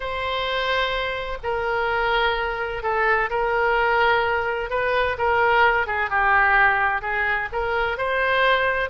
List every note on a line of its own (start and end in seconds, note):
0.00 1.38 C5
1.43 2.83 A#4
2.83 3.29 A4
3.30 4.69 A#4
4.69 5.16 B4
5.18 5.86 A#4
5.86 6.09 G#4
6.09 7.01 G4
7.01 7.48 G#4
7.52 7.97 A#4
7.97 8.89 C5